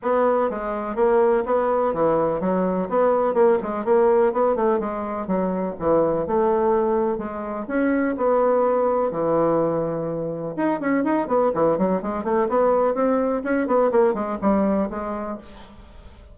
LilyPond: \new Staff \with { instrumentName = "bassoon" } { \time 4/4 \tempo 4 = 125 b4 gis4 ais4 b4 | e4 fis4 b4 ais8 gis8 | ais4 b8 a8 gis4 fis4 | e4 a2 gis4 |
cis'4 b2 e4~ | e2 dis'8 cis'8 dis'8 b8 | e8 fis8 gis8 a8 b4 c'4 | cis'8 b8 ais8 gis8 g4 gis4 | }